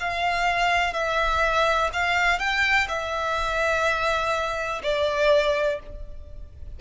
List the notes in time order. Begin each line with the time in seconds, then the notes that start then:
0.00 F5
0.94 E5
1.93 F5
2.39 G5
2.89 E5
4.83 D5